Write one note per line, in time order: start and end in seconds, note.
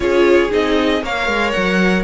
0.00 0.50 C#4
0.00 0.49 F4
0.00 1.02 G#4
0.00 0.51 C#5
0.50 1.02 C4
0.50 1.01 D#4
0.50 1.04 D#5
1.02 1.27 A#3
1.02 2.04 A#4
1.02 2.04 C#5
1.02 1.51 F5
1.27 1.52 G#3
1.51 2.04 F#3
1.51 2.03 F#5